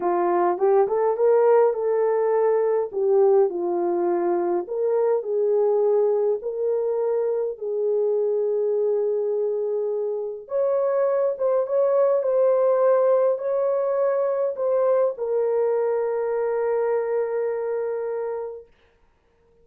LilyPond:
\new Staff \with { instrumentName = "horn" } { \time 4/4 \tempo 4 = 103 f'4 g'8 a'8 ais'4 a'4~ | a'4 g'4 f'2 | ais'4 gis'2 ais'4~ | ais'4 gis'2.~ |
gis'2 cis''4. c''8 | cis''4 c''2 cis''4~ | cis''4 c''4 ais'2~ | ais'1 | }